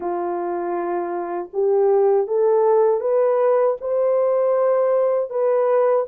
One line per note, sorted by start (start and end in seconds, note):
0.00 1.49 F4
1.53 2.27 G4
2.27 3.00 A4
3.00 3.76 B4
3.80 5.30 C5
5.30 6.06 B4